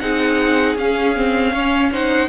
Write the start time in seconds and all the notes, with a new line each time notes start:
0.00 C4 D#4 G#4 F#5
0.75 C#4 F5
1.16 C4
1.52 C#4 C#5
1.92 D#4 C5 F#5